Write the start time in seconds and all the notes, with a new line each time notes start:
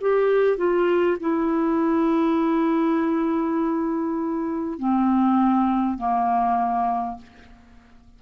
0.00 G4
0.57 F4
1.19 E4
4.78 C4
5.97 A#3